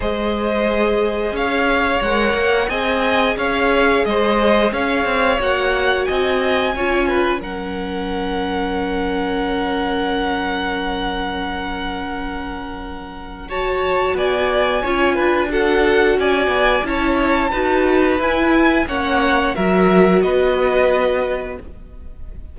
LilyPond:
<<
  \new Staff \with { instrumentName = "violin" } { \time 4/4 \tempo 4 = 89 dis''2 f''4 fis''4 | gis''4 f''4 dis''4 f''4 | fis''4 gis''2 fis''4~ | fis''1~ |
fis''1 | a''4 gis''2 fis''4 | gis''4 a''2 gis''4 | fis''4 e''4 dis''2 | }
  \new Staff \with { instrumentName = "violin" } { \time 4/4 c''2 cis''2 | dis''4 cis''4 c''4 cis''4~ | cis''4 dis''4 cis''8 b'8 ais'4~ | ais'1~ |
ais'1 | cis''4 d''4 cis''8 b'8 a'4 | d''4 cis''4 b'2 | cis''4 ais'4 b'2 | }
  \new Staff \with { instrumentName = "viola" } { \time 4/4 gis'2. ais'4 | gis'1 | fis'2 f'4 cis'4~ | cis'1~ |
cis'1 | fis'2 f'4 fis'4~ | fis'4 e'4 fis'4 e'4 | cis'4 fis'2. | }
  \new Staff \with { instrumentName = "cello" } { \time 4/4 gis2 cis'4 gis8 ais8 | c'4 cis'4 gis4 cis'8 c'8 | ais4 c'4 cis'4 fis4~ | fis1~ |
fis1~ | fis4 b4 cis'8 d'4. | cis'8 b8 cis'4 dis'4 e'4 | ais4 fis4 b2 | }
>>